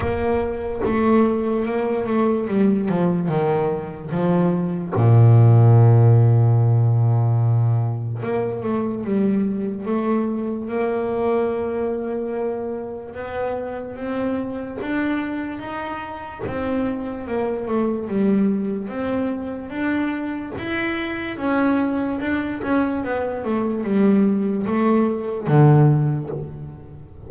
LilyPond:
\new Staff \with { instrumentName = "double bass" } { \time 4/4 \tempo 4 = 73 ais4 a4 ais8 a8 g8 f8 | dis4 f4 ais,2~ | ais,2 ais8 a8 g4 | a4 ais2. |
b4 c'4 d'4 dis'4 | c'4 ais8 a8 g4 c'4 | d'4 e'4 cis'4 d'8 cis'8 | b8 a8 g4 a4 d4 | }